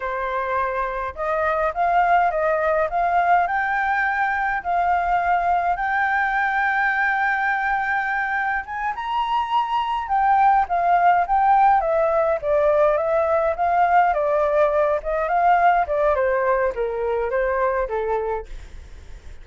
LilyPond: \new Staff \with { instrumentName = "flute" } { \time 4/4 \tempo 4 = 104 c''2 dis''4 f''4 | dis''4 f''4 g''2 | f''2 g''2~ | g''2. gis''8 ais''8~ |
ais''4. g''4 f''4 g''8~ | g''8 e''4 d''4 e''4 f''8~ | f''8 d''4. dis''8 f''4 d''8 | c''4 ais'4 c''4 a'4 | }